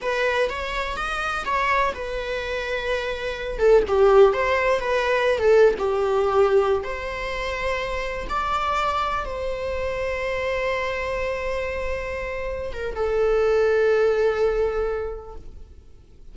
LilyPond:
\new Staff \with { instrumentName = "viola" } { \time 4/4 \tempo 4 = 125 b'4 cis''4 dis''4 cis''4 | b'2.~ b'8 a'8 | g'4 c''4 b'4~ b'16 a'8. | g'2~ g'16 c''4.~ c''16~ |
c''4~ c''16 d''2 c''8.~ | c''1~ | c''2~ c''8 ais'8 a'4~ | a'1 | }